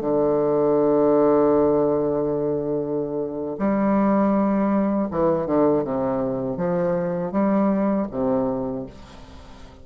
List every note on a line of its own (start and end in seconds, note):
0.00 3.56 D3
3.58 5.08 G3
5.11 5.46 E3
5.46 5.83 D3
5.84 6.57 C3
6.57 7.31 F3
7.31 8.06 G3
8.11 8.86 C3